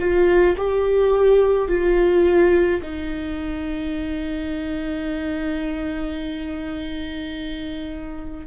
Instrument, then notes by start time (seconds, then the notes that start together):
viola
0.00 F4
0.58 G4
1.68 F4
2.83 D#4